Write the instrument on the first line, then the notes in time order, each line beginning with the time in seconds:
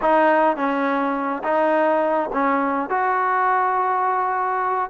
trombone
0.01 D#4
0.56 C#4
1.43 D#4
2.32 C#4
2.89 F#4